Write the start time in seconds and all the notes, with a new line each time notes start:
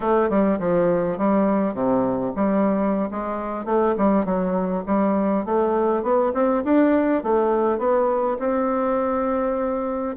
0.00 A3
0.29 G3
0.59 F3
1.18 G3
1.74 C3
2.35 G3
3.10 G#3
3.65 A3
3.97 G3
4.25 F#3
4.86 G3
5.45 A3
6.02 B3
6.34 C4
6.64 D4
7.23 A3
7.78 B3
8.39 C4